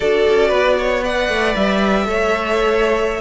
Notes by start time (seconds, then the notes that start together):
0.00 D4 F#4 A4 D5
0.29 C#4
0.48 B3 B4
0.78 C#5
1.03 B4 D5 F#5
1.28 A3
1.55 G3 E5
2.04 A3 A4 C#5